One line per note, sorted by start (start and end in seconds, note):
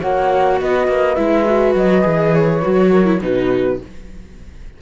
0.00 0.61 A#3
0.00 1.16 F#4
0.00 0.58 C#5
0.00 0.60 F#5
0.61 0.88 B3
0.61 2.92 B4
0.61 1.15 D#5
0.88 1.17 A#3
1.15 1.75 G#3
1.15 1.45 E4
1.15 1.73 E5
1.45 2.02 F#4
1.75 2.04 F#3
1.75 2.34 D#5
2.02 2.64 E3
2.02 2.60 G#4
2.34 3.22 C#5
2.62 3.21 F#3
2.62 3.05 F#4
2.92 3.21 A#4
3.05 3.20 E4
3.21 3.79 B2
3.21 3.79 D#4
3.21 3.81 F#4
3.21 3.82 B4